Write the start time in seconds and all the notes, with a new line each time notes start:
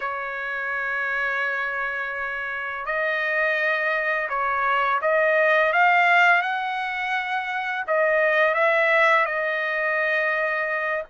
0.00 C#5
2.85 D#5
4.29 C#5
5.01 D#5
5.72 F5
6.42 F#5
7.87 D#5
8.54 E5
9.25 D#5